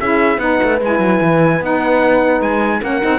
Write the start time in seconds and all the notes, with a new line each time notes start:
0.00 C#4 E4 G#4 E5
0.38 B3 D#4 B4 F#5
0.63 A3
0.81 G#3 E4 G#5
0.99 F#3
1.22 E3
1.61 B3 D#4 F#5
2.41 G#3 G#5
2.82 A#3 C#4 A#4 F#5
3.01 C4 D#4